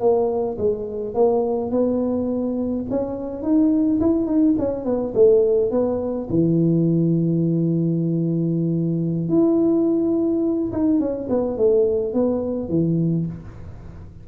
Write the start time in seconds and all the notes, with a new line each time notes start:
0.00 A#3
0.58 G#3
1.14 A#3
1.71 B3
2.90 C#4
3.42 D#4
4.00 E4
4.26 D#4
4.58 C#4
4.85 B3
5.15 A3
5.71 B3
6.29 E3
9.29 E4
10.72 D#4
10.99 C#4
11.29 B3
11.57 A3
12.13 B3
12.69 E3